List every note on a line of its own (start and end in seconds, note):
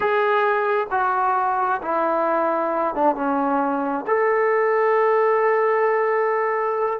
0.00 0.87 G#4
0.90 1.81 F#4
1.82 2.94 E4
2.94 3.15 D4
3.15 4.05 C#4
4.06 6.99 A4